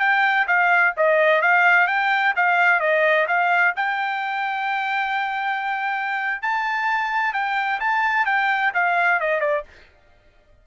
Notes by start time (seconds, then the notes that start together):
0.00 G5
0.48 F5
0.97 D#5
1.42 F5
1.88 G5
2.36 F5
2.80 D#5
3.28 F5
3.76 G5
6.42 A5
7.33 G5
7.80 A5
8.26 G5
8.74 F5
9.20 D#5
9.41 D5